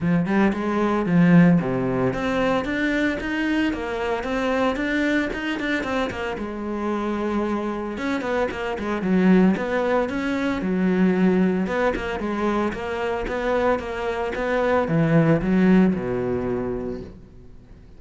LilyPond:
\new Staff \with { instrumentName = "cello" } { \time 4/4 \tempo 4 = 113 f8 g8 gis4 f4 c4 | c'4 d'4 dis'4 ais4 | c'4 d'4 dis'8 d'8 c'8 ais8 | gis2. cis'8 b8 |
ais8 gis8 fis4 b4 cis'4 | fis2 b8 ais8 gis4 | ais4 b4 ais4 b4 | e4 fis4 b,2 | }